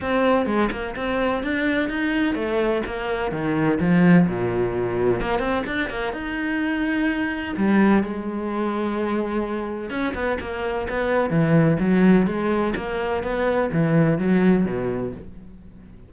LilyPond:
\new Staff \with { instrumentName = "cello" } { \time 4/4 \tempo 4 = 127 c'4 gis8 ais8 c'4 d'4 | dis'4 a4 ais4 dis4 | f4 ais,2 ais8 c'8 | d'8 ais8 dis'2. |
g4 gis2.~ | gis4 cis'8 b8 ais4 b4 | e4 fis4 gis4 ais4 | b4 e4 fis4 b,4 | }